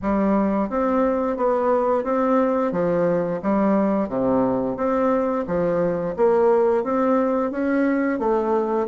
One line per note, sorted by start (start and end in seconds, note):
0.02 0.69 G3
0.69 1.36 C4
1.36 2.03 B3
2.03 2.71 C4
2.72 3.40 F3
3.42 4.08 G3
4.08 4.76 C3
4.76 5.45 C4
5.47 6.15 F3
6.16 6.83 A#3
6.83 7.51 C4
7.51 8.19 C#4
8.19 8.87 A3